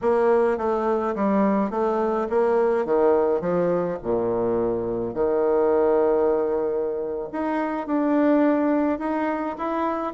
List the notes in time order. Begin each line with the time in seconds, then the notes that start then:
0.01 A#3
0.57 A3
1.15 G3
1.70 A3
2.29 A#3
2.85 D#3
3.41 F3
4.02 A#2
5.14 D#3
7.32 D#4
7.86 D4
8.98 D#4
9.57 E4